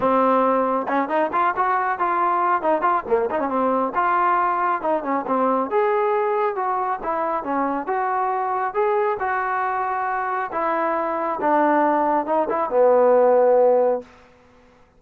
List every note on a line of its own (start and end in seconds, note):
0.00 0.86 C4
0.87 1.08 C#4
1.08 1.30 D#4
1.32 1.54 F4
1.56 1.98 F#4
1.98 2.62 F4
2.62 2.81 D#4
2.81 3.03 F4
3.07 3.29 A#3
3.30 3.39 D#4
3.39 3.49 C#4
3.49 3.93 C4
3.94 4.81 F4
4.81 5.03 D#4
5.03 5.25 C#4
5.27 5.70 C4
5.70 6.55 G#4
6.55 6.99 F#4
7.03 7.43 E4
7.43 7.87 C#4
7.87 8.74 F#4
8.74 9.17 G#4
9.19 10.50 F#4
10.51 11.39 E4
11.40 12.26 D4
12.26 12.48 D#4
12.49 12.70 E4
12.70 14.01 B3